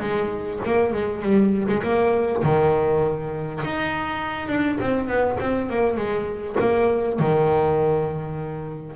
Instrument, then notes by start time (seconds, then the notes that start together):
double bass
0.00 G#3
0.66 A#3
0.93 G#3
1.22 G3
1.68 G#3
1.83 A#3
2.43 D#3
3.64 D#4
4.48 D4
4.80 C4
5.08 B3
5.40 C4
5.69 A#3
5.96 G#3
6.59 A#3
7.19 D#3